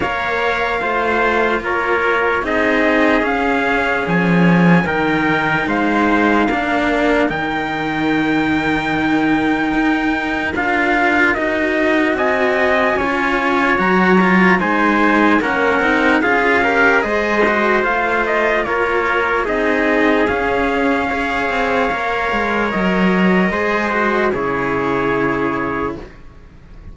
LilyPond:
<<
  \new Staff \with { instrumentName = "trumpet" } { \time 4/4 \tempo 4 = 74 f''2 cis''4 dis''4 | f''4 gis''4 g''4 f''4~ | f''4 g''2.~ | g''4 f''4 dis''4 gis''4~ |
gis''4 ais''4 gis''4 fis''4 | f''4 dis''4 f''8 dis''8 cis''4 | dis''4 f''2. | dis''2 cis''2 | }
  \new Staff \with { instrumentName = "trumpet" } { \time 4/4 cis''4 c''4 ais'4 gis'4~ | gis'2 ais'4 c''4 | ais'1~ | ais'2. dis''4 |
cis''2 c''4 ais'4 | gis'8 ais'8 c''2 ais'4 | gis'2 cis''2~ | cis''4 c''4 gis'2 | }
  \new Staff \with { instrumentName = "cello" } { \time 4/4 ais'4 f'2 dis'4 | cis'2 dis'2 | d'4 dis'2.~ | dis'4 f'4 fis'2 |
f'4 fis'8 f'8 dis'4 cis'8 dis'8 | f'8 g'8 gis'8 fis'8 f'2 | dis'4 cis'4 gis'4 ais'4~ | ais'4 gis'8 fis'8 e'2 | }
  \new Staff \with { instrumentName = "cello" } { \time 4/4 ais4 a4 ais4 c'4 | cis'4 f4 dis4 gis4 | ais4 dis2. | dis'4 d'4 dis'4 c'4 |
cis'4 fis4 gis4 ais8 c'8 | cis'4 gis4 a4 ais4 | c'4 cis'4. c'8 ais8 gis8 | fis4 gis4 cis2 | }
>>